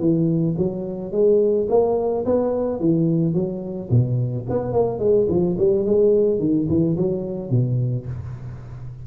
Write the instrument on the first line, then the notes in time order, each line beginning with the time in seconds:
tuba
0.00 E3
0.57 F#3
1.12 G#3
1.69 A#3
2.26 B3
2.80 E3
3.34 F#3
3.90 B2
4.49 B3
4.73 A#3
4.99 G#3
5.29 F3
5.58 G3
5.86 G#3
6.40 D#3
6.69 E3
6.97 F#3
7.50 B2